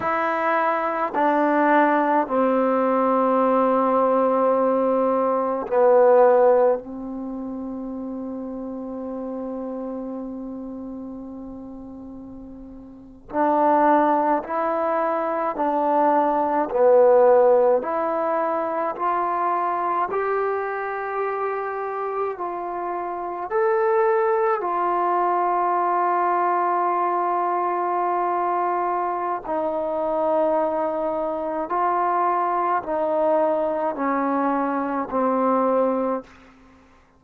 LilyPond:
\new Staff \with { instrumentName = "trombone" } { \time 4/4 \tempo 4 = 53 e'4 d'4 c'2~ | c'4 b4 c'2~ | c'2.~ c'8. d'16~ | d'8. e'4 d'4 b4 e'16~ |
e'8. f'4 g'2 f'16~ | f'8. a'4 f'2~ f'16~ | f'2 dis'2 | f'4 dis'4 cis'4 c'4 | }